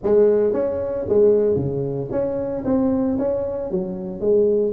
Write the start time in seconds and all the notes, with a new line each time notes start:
0.03 G#3
0.53 C#4
1.08 G#3
1.55 C#3
2.11 C#4
2.65 C4
3.18 C#4
3.71 F#3
4.20 G#3